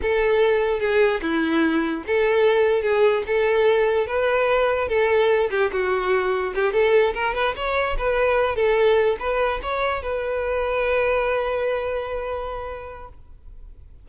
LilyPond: \new Staff \with { instrumentName = "violin" } { \time 4/4 \tempo 4 = 147 a'2 gis'4 e'4~ | e'4 a'2 gis'4 | a'2 b'2 | a'4. g'8 fis'2 |
g'8 a'4 ais'8 b'8 cis''4 b'8~ | b'4 a'4. b'4 cis''8~ | cis''8 b'2.~ b'8~ | b'1 | }